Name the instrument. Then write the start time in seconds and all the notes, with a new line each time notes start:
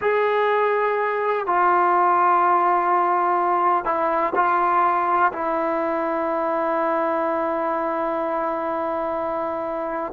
trombone
0.01 G#4
1.46 F4
3.85 E4
4.35 F4
5.32 E4